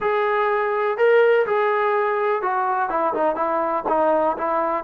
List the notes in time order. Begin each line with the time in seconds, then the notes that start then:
0.00 G#4
0.97 A#4
1.46 G#4
2.41 F#4
2.89 E4
3.13 D#4
3.35 E4
3.88 D#4
4.37 E4